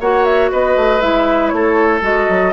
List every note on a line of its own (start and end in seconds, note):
0.00 0.51 A#3
0.00 1.01 F#4
0.00 0.51 C#5
0.00 0.25 F#5
0.25 0.50 E5
0.52 0.76 B3
0.52 1.53 B4
0.52 1.01 D#5
0.76 1.01 A3
1.01 1.52 G#3
1.01 2.02 E4
1.01 1.49 E5
1.49 2.01 A3
1.49 2.00 C#5
1.56 2.53 A4
2.01 2.27 G#3
2.01 2.52 F#4
2.01 2.53 D#5
2.29 2.53 F#3